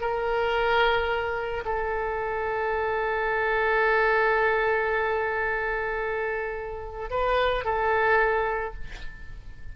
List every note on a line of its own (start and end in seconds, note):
0.00 1.64 A#4
1.65 7.10 A4
7.10 7.64 B4
7.64 8.73 A4